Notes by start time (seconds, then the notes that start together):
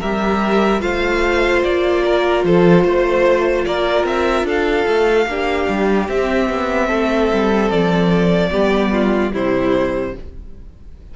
0.00 G3 G4 A#4 E5
0.80 A3 F4 C5 F5
1.63 A#3 D5
2.05 A#4
2.44 F3 A4 C5
2.84 A3 C5
3.65 A#3 A#4 D5
4.04 C4 E5
4.43 D4 A4 F5
4.88 A3
5.26 A#3 D4 G4
5.69 G3
6.09 C4 E5
6.49 B3
6.87 A3 A4
7.32 G3
7.70 F3 D5
8.51 G3 B3 G4
8.92 F4
9.32 C3 G3 E4 C5